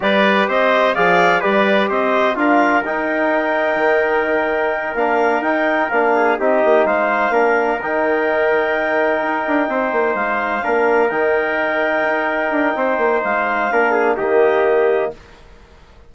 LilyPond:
<<
  \new Staff \with { instrumentName = "clarinet" } { \time 4/4 \tempo 4 = 127 d''4 dis''4 f''4 d''4 | dis''4 f''4 g''2~ | g''2~ g''8 f''4 g''8~ | g''8 f''4 dis''4 f''4.~ |
f''8 g''2.~ g''8~ | g''4. f''2 g''8~ | g''1 | f''2 dis''2 | }
  \new Staff \with { instrumentName = "trumpet" } { \time 4/4 b'4 c''4 d''4 b'4 | c''4 ais'2.~ | ais'1~ | ais'4 gis'8 g'4 c''4 ais'8~ |
ais'1~ | ais'8 c''2 ais'4.~ | ais'2. c''4~ | c''4 ais'8 gis'8 g'2 | }
  \new Staff \with { instrumentName = "trombone" } { \time 4/4 g'2 gis'4 g'4~ | g'4 f'4 dis'2~ | dis'2~ dis'8 d'4 dis'8~ | dis'8 d'4 dis'2 d'8~ |
d'8 dis'2.~ dis'8~ | dis'2~ dis'8 d'4 dis'8~ | dis'1~ | dis'4 d'4 ais2 | }
  \new Staff \with { instrumentName = "bassoon" } { \time 4/4 g4 c'4 f4 g4 | c'4 d'4 dis'2 | dis2~ dis8 ais4 dis'8~ | dis'8 ais4 c'8 ais8 gis4 ais8~ |
ais8 dis2. dis'8 | d'8 c'8 ais8 gis4 ais4 dis8~ | dis4. dis'4 d'8 c'8 ais8 | gis4 ais4 dis2 | }
>>